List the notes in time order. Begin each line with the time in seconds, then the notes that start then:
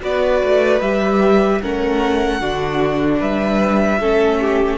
0.00 B3 F#4 B4 D5
0.43 A3
0.80 G3 G4 E5
1.61 A3 C#4 A#4 F#5
2.40 D3 D4 F#4
3.19 G3 B4 E5
3.99 A3 C#4 A4
4.40 G4